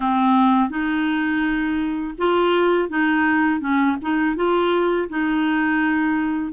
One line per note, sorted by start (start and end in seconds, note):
0.00 0.69 C4
0.69 2.14 D#4
2.18 2.89 F4
2.89 3.60 D#4
3.60 3.96 C#4
4.01 4.35 D#4
4.35 5.08 F4
5.09 6.52 D#4